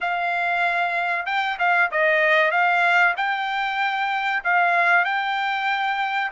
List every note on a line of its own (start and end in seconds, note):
0.01 1.25 F5
1.25 1.57 G5
1.58 1.90 F5
1.91 2.51 D#5
2.51 3.14 F5
3.17 4.43 G5
4.44 5.04 F5
5.04 6.31 G5